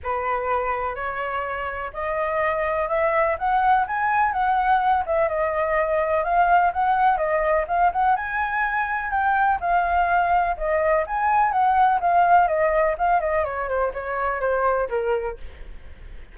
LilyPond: \new Staff \with { instrumentName = "flute" } { \time 4/4 \tempo 4 = 125 b'2 cis''2 | dis''2 e''4 fis''4 | gis''4 fis''4. e''8 dis''4~ | dis''4 f''4 fis''4 dis''4 |
f''8 fis''8 gis''2 g''4 | f''2 dis''4 gis''4 | fis''4 f''4 dis''4 f''8 dis''8 | cis''8 c''8 cis''4 c''4 ais'4 | }